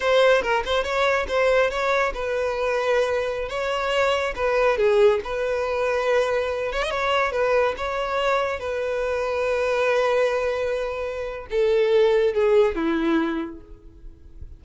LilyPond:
\new Staff \with { instrumentName = "violin" } { \time 4/4 \tempo 4 = 141 c''4 ais'8 c''8 cis''4 c''4 | cis''4 b'2.~ | b'16 cis''2 b'4 gis'8.~ | gis'16 b'2.~ b'8 cis''16 |
dis''16 cis''4 b'4 cis''4.~ cis''16~ | cis''16 b'2.~ b'8.~ | b'2. a'4~ | a'4 gis'4 e'2 | }